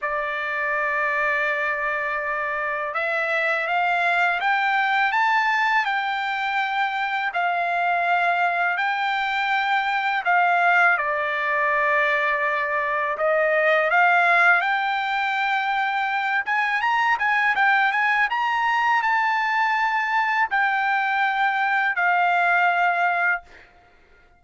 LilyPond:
\new Staff \with { instrumentName = "trumpet" } { \time 4/4 \tempo 4 = 82 d''1 | e''4 f''4 g''4 a''4 | g''2 f''2 | g''2 f''4 d''4~ |
d''2 dis''4 f''4 | g''2~ g''8 gis''8 ais''8 gis''8 | g''8 gis''8 ais''4 a''2 | g''2 f''2 | }